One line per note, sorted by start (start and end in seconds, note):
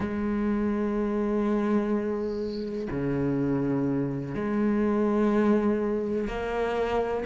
0.00 2.88 G#3
2.90 4.35 C#3
4.35 6.27 G#3
6.27 7.24 A#3